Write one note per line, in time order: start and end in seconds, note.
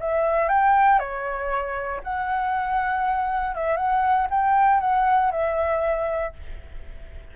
0.00 0.48 E5
0.48 0.99 G5
0.99 2.00 C#5
2.03 3.55 F#5
3.55 3.76 E5
3.76 4.27 F#5
4.30 4.80 G5
4.80 5.31 F#5
5.31 6.33 E5